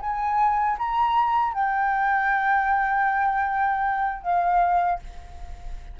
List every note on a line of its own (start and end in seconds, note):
0.00 0.77 G#5
0.78 1.53 A#5
1.53 4.22 G5
4.22 4.99 F5